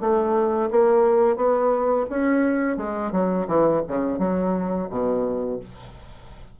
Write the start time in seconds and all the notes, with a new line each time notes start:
0.00 A3
0.70 A#3
1.36 B3
2.10 C#4
2.77 G#3
3.12 F#3
3.47 E3
3.88 C#3
4.18 F#3
4.90 B2